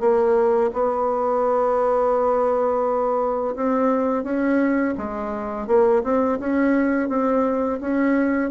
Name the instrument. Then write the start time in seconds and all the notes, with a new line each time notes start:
bassoon
0.00 A#3
0.73 B3
3.56 C4
4.24 C#4
4.98 G#3
5.67 A#3
6.04 C4
6.40 C#4
7.09 C4
7.81 C#4